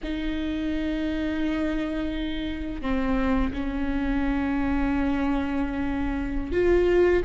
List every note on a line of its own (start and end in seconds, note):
0.03 2.81 D#4
2.81 3.52 C4
3.53 6.52 C#4
6.52 7.22 F4